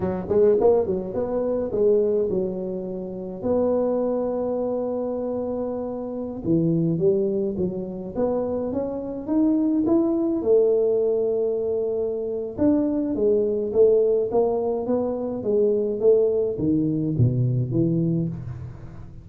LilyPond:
\new Staff \with { instrumentName = "tuba" } { \time 4/4 \tempo 4 = 105 fis8 gis8 ais8 fis8 b4 gis4 | fis2 b2~ | b2.~ b16 e8.~ | e16 g4 fis4 b4 cis'8.~ |
cis'16 dis'4 e'4 a4.~ a16~ | a2 d'4 gis4 | a4 ais4 b4 gis4 | a4 dis4 b,4 e4 | }